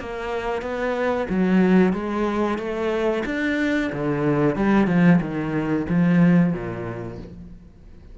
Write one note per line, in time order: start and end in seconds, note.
0.00 0.62 A#3
0.62 1.27 B3
1.30 1.93 F#3
1.93 2.58 G#3
2.58 3.24 A3
3.26 3.91 D4
3.93 4.56 D3
4.56 4.88 G3
4.88 5.20 F3
5.21 5.86 D#3
5.89 6.54 F3
6.54 7.19 A#2